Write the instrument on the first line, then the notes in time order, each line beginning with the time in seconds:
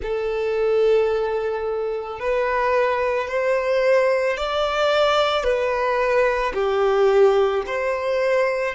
violin
0.02 A4
2.19 B4
3.28 C5
4.37 D5
5.43 B4
6.54 G4
7.66 C5